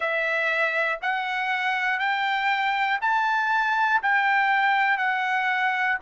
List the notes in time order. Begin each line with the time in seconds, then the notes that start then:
0.00 E5
1.02 F#5
1.99 G5
3.00 A5
4.02 G5
4.97 F#5